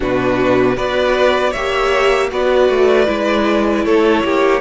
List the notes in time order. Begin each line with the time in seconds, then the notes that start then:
0.00 B2 D4 F#4 B4
0.75 B3 F#4 B4 D5
1.50 A#3 G4 C#5 E5
2.30 B3 F#4 B4 D5
2.69 A3
3.06 G#3 E4
3.84 A3 A4 C#5
4.24 A#3 G4